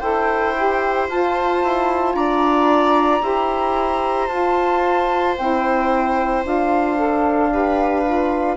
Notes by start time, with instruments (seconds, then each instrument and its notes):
0.00 bassoon E4, saxophone A4, viola C5, flute G5
0.56 saxophone G4
1.09 bassoon F4, saxophone F4, flute A5
1.64 bassoon E4
2.14 bassoon D4, viola D5, flute A#5
3.21 bassoon E4, saxophone G4, viola C5
4.27 bassoon F4, saxophone F4, flute A5
5.38 bassoon C4, saxophone E4, flute G5
6.44 bassoon D4, saxophone F4, flute F5
6.96 saxophone A4
7.50 saxophone G4, viola B4
8.04 saxophone F4